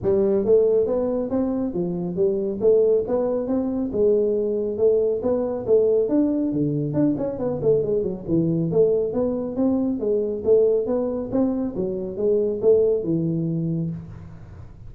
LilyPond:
\new Staff \with { instrumentName = "tuba" } { \time 4/4 \tempo 4 = 138 g4 a4 b4 c'4 | f4 g4 a4 b4 | c'4 gis2 a4 | b4 a4 d'4 d4 |
d'8 cis'8 b8 a8 gis8 fis8 e4 | a4 b4 c'4 gis4 | a4 b4 c'4 fis4 | gis4 a4 e2 | }